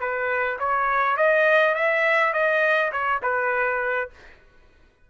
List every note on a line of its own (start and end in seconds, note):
0.00 0.58 B4
0.59 1.17 C#5
1.17 1.75 D#5
1.75 2.33 E5
2.33 2.92 D#5
2.92 3.21 C#5
3.22 4.10 B4